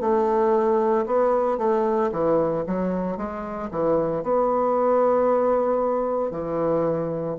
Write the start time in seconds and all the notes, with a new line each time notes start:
0.00 A3
1.06 B3
1.57 A3
2.11 E3
2.67 F#3
3.16 G#3
3.70 E3
4.22 B3
6.31 E3